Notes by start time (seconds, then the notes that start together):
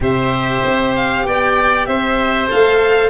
0.00 C3 G4 C5 E5
0.64 C4
0.95 F5
1.25 B3 D5 G5
1.85 C4 C5 E5
2.47 A3 A4 F5